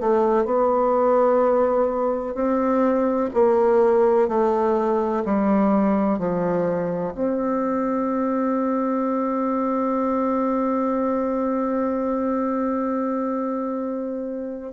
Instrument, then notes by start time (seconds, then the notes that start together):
bassoon
0.00 A3
0.45 B3
2.35 C4
3.34 A#3
4.28 A3
5.25 G3
6.19 F3
7.14 C4